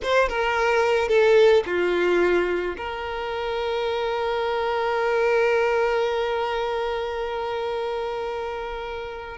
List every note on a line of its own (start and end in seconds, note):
0.03 0.28 C5
0.28 1.08 A#4
1.08 1.63 A4
1.65 2.75 F4
2.77 9.37 A#4